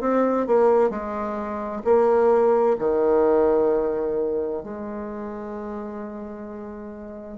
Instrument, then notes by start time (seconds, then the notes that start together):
bassoon
0.00 C4
0.47 A#3
0.90 G#3
1.84 A#3
2.79 D#3
4.63 G#3